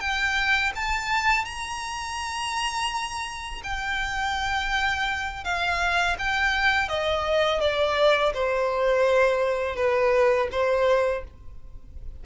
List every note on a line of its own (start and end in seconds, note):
0.00 0.72 G5
0.75 1.45 A5
1.45 3.62 A#5
3.63 5.44 G5
5.44 6.16 F5
6.18 6.88 G5
6.88 7.60 D#5
7.60 8.33 D5
8.34 9.76 C5
9.76 10.48 B4
10.51 11.24 C5